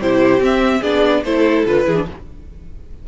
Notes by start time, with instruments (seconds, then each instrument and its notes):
0.00 cello C3, viola E4, violin G4 C5
0.39 cello C4, viola C4, violin E5
0.80 cello B3, viola D4, violin G#4 D5
1.24 cello A3, viola E4, violin A4 C5
1.66 cello D3, viola F4, violin B4
1.85 cello E3, viola E4, violin G#4
1.96 viola D4